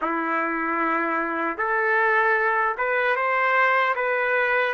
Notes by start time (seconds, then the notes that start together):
0.01 E4
1.57 A4
2.77 B4
3.16 C5
3.95 B4